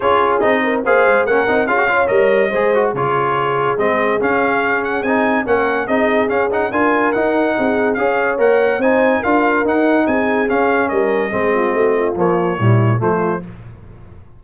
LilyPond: <<
  \new Staff \with { instrumentName = "trumpet" } { \time 4/4 \tempo 4 = 143 cis''4 dis''4 f''4 fis''4 | f''4 dis''2 cis''4~ | cis''4 dis''4 f''4. fis''8 | gis''4 fis''4 dis''4 f''8 fis''8 |
gis''4 fis''2 f''4 | fis''4 gis''4 f''4 fis''4 | gis''4 f''4 dis''2~ | dis''4 cis''2 c''4 | }
  \new Staff \with { instrumentName = "horn" } { \time 4/4 gis'4. ais'8 c''4 ais'4 | gis'8 cis''4. c''4 gis'4~ | gis'1~ | gis'4 ais'4 gis'2 |
ais'2 gis'4 cis''4~ | cis''4 c''4 ais'2 | gis'2 ais'4 gis'8 f'8 | fis'8 f'4. e'4 f'4 | }
  \new Staff \with { instrumentName = "trombone" } { \time 4/4 f'4 dis'4 gis'4 cis'8 dis'8 | f'16 fis'16 f'8 ais'4 gis'8 fis'8 f'4~ | f'4 c'4 cis'2 | dis'4 cis'4 dis'4 cis'8 dis'8 |
f'4 dis'2 gis'4 | ais'4 dis'4 f'4 dis'4~ | dis'4 cis'2 c'4~ | c'4 f4 g4 a4 | }
  \new Staff \with { instrumentName = "tuba" } { \time 4/4 cis'4 c'4 ais8 gis8 ais8 c'8 | cis'4 g4 gis4 cis4~ | cis4 gis4 cis'2 | c'4 ais4 c'4 cis'4 |
d'4 dis'4 c'4 cis'4 | ais4 c'4 d'4 dis'4 | c'4 cis'4 g4 gis4 | a4 ais4 ais,4 f4 | }
>>